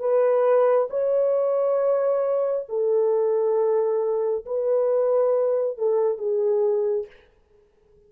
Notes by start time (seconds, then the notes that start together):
0.00 B4
0.90 C#5
2.69 A4
4.46 B4
5.78 A4
6.18 G#4